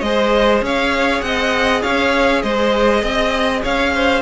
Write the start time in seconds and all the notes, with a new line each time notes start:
0.00 G#3 G#4 C5 D#5
0.61 C#4 C#5 F5
1.21 C4 D#5 F#5
1.82 C#4 C#5 F5
2.42 G#3 C5 D#5
3.02 C4 D#5
3.62 C#4 C#5 F5
3.94 C5